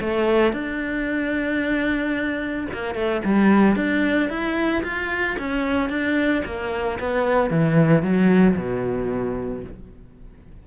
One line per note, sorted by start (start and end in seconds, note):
0.00 0.52 A3
0.52 2.67 D4
2.73 2.94 A#3
2.94 3.21 A3
3.24 3.75 G3
3.75 4.29 D4
4.29 4.83 E4
4.83 5.37 F4
5.38 5.89 C#4
5.89 6.43 D4
6.45 6.99 A#3
6.99 7.50 B3
7.50 8.02 E3
8.02 8.56 F#3
8.57 9.64 B2